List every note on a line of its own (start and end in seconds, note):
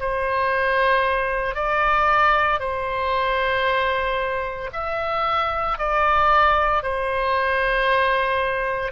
0.00 1.55 C5
1.55 2.59 D5
2.59 4.70 C5
4.73 5.78 E5
5.78 6.83 D5
6.83 8.91 C5